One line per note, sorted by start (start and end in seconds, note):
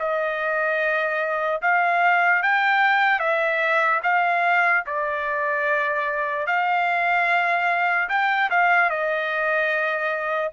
0.00 1.62 D#5
1.62 2.43 F5
2.43 3.20 G5
3.20 4.01 E5
4.04 4.85 F5
4.87 6.47 D5
6.47 8.09 F5
8.10 8.50 G5
8.51 8.90 F5
8.90 10.53 D#5